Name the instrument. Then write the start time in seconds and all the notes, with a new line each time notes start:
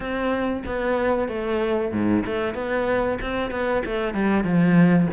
cello
0.00 C4
0.66 B3
1.28 A3
1.91 G#2
2.26 A3
2.54 B3
3.21 C4
3.50 B3
3.85 A3
4.14 G3
4.44 F3